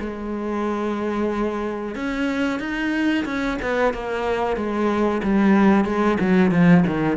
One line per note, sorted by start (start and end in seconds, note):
0.00 1.95 G#3
1.95 2.59 C#4
2.59 3.25 D#4
3.25 3.58 C#4
3.62 3.93 B3
3.93 4.56 A#3
4.56 5.21 G#3
5.23 5.85 G3
5.85 6.17 G#3
6.20 6.51 F#3
6.51 6.84 F3
6.87 7.17 D#3